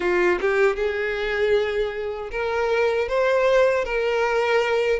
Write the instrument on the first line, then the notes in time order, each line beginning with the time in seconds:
violin
0.00 F4
0.40 G4
0.76 G#4
2.31 A#4
3.08 C5
3.84 A#4